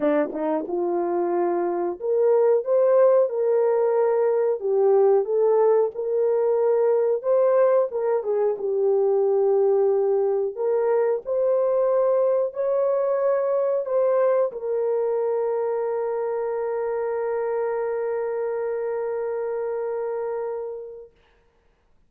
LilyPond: \new Staff \with { instrumentName = "horn" } { \time 4/4 \tempo 4 = 91 d'8 dis'8 f'2 ais'4 | c''4 ais'2 g'4 | a'4 ais'2 c''4 | ais'8 gis'8 g'2. |
ais'4 c''2 cis''4~ | cis''4 c''4 ais'2~ | ais'1~ | ais'1 | }